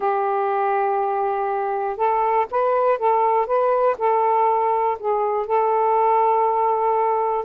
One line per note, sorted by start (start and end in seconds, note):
0.00 1.96 G4
1.96 2.46 A4
2.50 2.98 B4
2.98 3.46 A4
3.46 3.96 B4
3.98 4.97 A4
4.99 5.46 G#4
5.46 7.44 A4